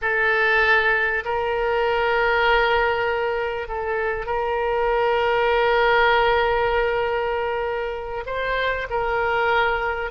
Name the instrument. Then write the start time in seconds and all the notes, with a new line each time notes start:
oboe
0.01 A4
1.24 A#4
3.68 A4
4.26 A#4
8.26 C5
8.89 A#4